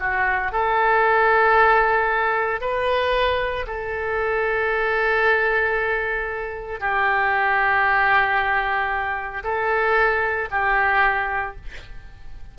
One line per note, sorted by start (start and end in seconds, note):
0.00 0.52 F#4
0.52 2.61 A4
2.61 3.66 B4
3.67 6.81 A4
6.81 9.44 G4
9.44 10.49 A4
10.51 11.56 G4